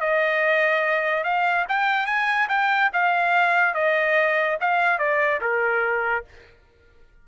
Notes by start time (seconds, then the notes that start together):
0.00 D#5
1.23 F5
1.68 G5
2.06 G#5
2.49 G5
2.93 F5
3.74 D#5
4.60 F5
4.98 D5
5.41 A#4